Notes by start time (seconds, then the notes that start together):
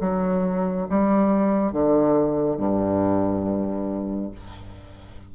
0.00 F#3
0.89 G3
1.72 D3
2.57 G2